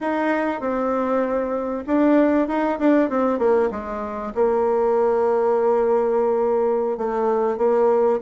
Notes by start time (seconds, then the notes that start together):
0.01 D#4
0.60 C4
1.86 D4
2.47 D#4
2.79 D4
3.09 C4
3.39 A#3
3.71 G#3
4.34 A#3
6.97 A3
7.57 A#3